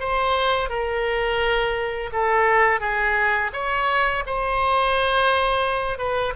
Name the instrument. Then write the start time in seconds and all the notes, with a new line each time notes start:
oboe
0.00 C5
0.69 A#4
2.12 A4
2.80 G#4
3.53 C#5
4.26 C5
5.98 B4